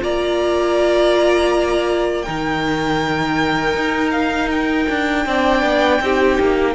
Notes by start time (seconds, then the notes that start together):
0.00 A#3 F4 D5 A#5
2.23 D#3 D#4 A#4 G5
3.75 D#4
4.12 F5
4.52 G5
4.90 D4
5.26 C4 D4 D5
5.63 B3
6.01 C4 D#4 G4
6.41 A#3